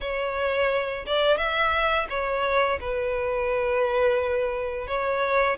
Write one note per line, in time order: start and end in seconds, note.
0.01 1.05 C#5
1.06 1.37 D5
1.37 2.06 E5
2.09 2.79 C#5
2.80 4.87 B4
4.87 5.57 C#5